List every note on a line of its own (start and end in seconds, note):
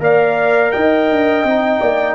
0.00 0.72 A#3
0.00 1.45 A#4
0.00 0.74 D5
0.00 0.72 F5
0.72 1.11 D#4
0.72 1.80 D#5
0.72 2.16 G5
1.11 1.44 D4
1.44 1.80 C4
1.44 2.16 D#4
1.80 2.16 A#3
1.80 2.16 D5